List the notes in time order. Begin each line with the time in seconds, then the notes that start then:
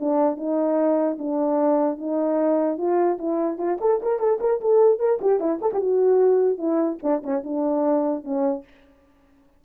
0.00 D4
0.37 D#4
1.18 D4
1.98 D#4
2.77 F4
3.18 E4
3.58 F4
3.81 A4
4.02 A#4
4.19 A4
4.40 A#4
4.61 A4
4.99 A#4
5.21 G4
5.40 E4
5.62 A4
5.73 G4
5.80 F#4
6.58 E4
7.03 D4
7.23 C#4
7.44 D4
8.24 C#4